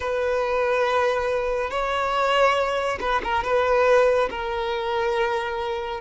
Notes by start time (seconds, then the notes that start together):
0.00 B4
1.70 C#5
3.00 B4
3.23 A#4
3.43 B4
4.30 A#4